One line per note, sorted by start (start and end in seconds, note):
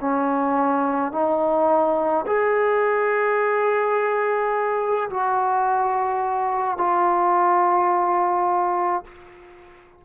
0.00 1.12 C#4
1.12 2.25 D#4
2.26 5.09 G#4
5.09 6.77 F#4
6.77 9.04 F4